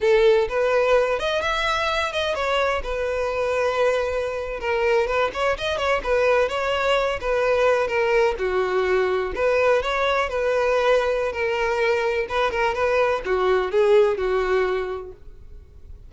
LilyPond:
\new Staff \with { instrumentName = "violin" } { \time 4/4 \tempo 4 = 127 a'4 b'4. dis''8 e''4~ | e''8 dis''8 cis''4 b'2~ | b'4.~ b'16 ais'4 b'8 cis''8 dis''16~ | dis''16 cis''8 b'4 cis''4. b'8.~ |
b'8. ais'4 fis'2 b'16~ | b'8. cis''4 b'2~ b'16 | ais'2 b'8 ais'8 b'4 | fis'4 gis'4 fis'2 | }